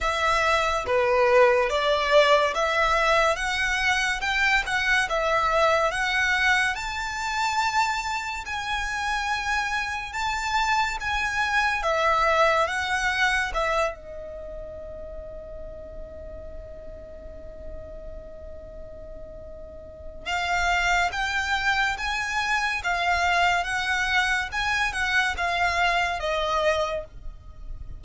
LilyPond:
\new Staff \with { instrumentName = "violin" } { \time 4/4 \tempo 4 = 71 e''4 b'4 d''4 e''4 | fis''4 g''8 fis''8 e''4 fis''4 | a''2 gis''2 | a''4 gis''4 e''4 fis''4 |
e''8 dis''2.~ dis''8~ | dis''1 | f''4 g''4 gis''4 f''4 | fis''4 gis''8 fis''8 f''4 dis''4 | }